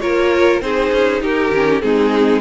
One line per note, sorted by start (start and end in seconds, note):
0.00 0.61 A#3
0.00 0.61 F4
0.00 0.62 A#4
0.00 0.61 C#5
0.61 0.91 C4
0.61 1.52 D#4
0.61 1.22 G#4
0.61 1.21 C5
0.91 1.21 C#4
1.21 1.51 D#4
1.21 1.82 G4
1.21 1.81 A#4
1.52 1.82 D#3
1.52 1.81 C#4
1.81 2.41 G#3
1.81 2.41 C4
1.81 2.41 D#4
1.81 2.41 G#4